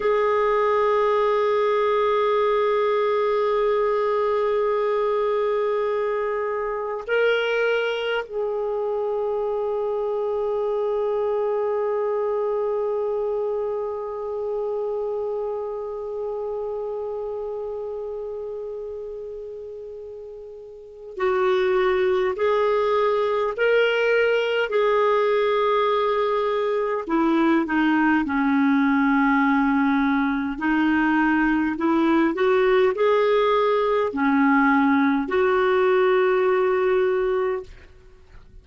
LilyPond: \new Staff \with { instrumentName = "clarinet" } { \time 4/4 \tempo 4 = 51 gis'1~ | gis'2 ais'4 gis'4~ | gis'1~ | gis'1~ |
gis'2 fis'4 gis'4 | ais'4 gis'2 e'8 dis'8 | cis'2 dis'4 e'8 fis'8 | gis'4 cis'4 fis'2 | }